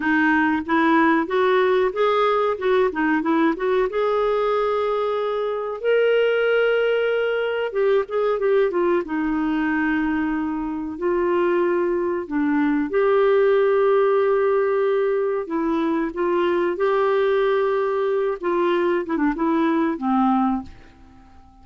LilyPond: \new Staff \with { instrumentName = "clarinet" } { \time 4/4 \tempo 4 = 93 dis'4 e'4 fis'4 gis'4 | fis'8 dis'8 e'8 fis'8 gis'2~ | gis'4 ais'2. | g'8 gis'8 g'8 f'8 dis'2~ |
dis'4 f'2 d'4 | g'1 | e'4 f'4 g'2~ | g'8 f'4 e'16 d'16 e'4 c'4 | }